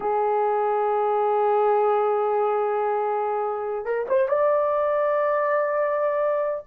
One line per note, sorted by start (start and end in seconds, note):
0.00 3.85 G#4
3.85 4.06 A#4
4.08 4.28 C5
4.28 6.64 D5